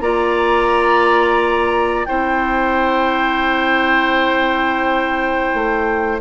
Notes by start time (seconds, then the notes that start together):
0.00 A#3 F4 D5 A#5
2.05 C4 E4 C5 G5
5.54 A3